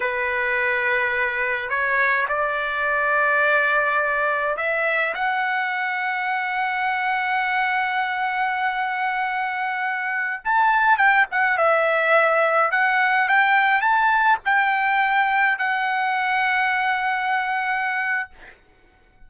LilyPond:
\new Staff \with { instrumentName = "trumpet" } { \time 4/4 \tempo 4 = 105 b'2. cis''4 | d''1 | e''4 fis''2.~ | fis''1~ |
fis''2~ fis''16 a''4 g''8 fis''16~ | fis''16 e''2 fis''4 g''8.~ | g''16 a''4 g''2 fis''8.~ | fis''1 | }